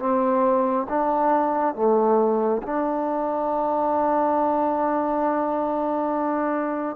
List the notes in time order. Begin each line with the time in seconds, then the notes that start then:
0.00 C4
0.90 D4
1.75 A3
2.63 D4